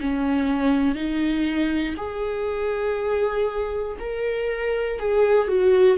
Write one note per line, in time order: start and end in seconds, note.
0.00 0.95 C#4
0.95 1.95 D#4
1.97 3.97 G#4
3.99 4.99 A#4
4.99 5.47 G#4
5.47 5.97 F#4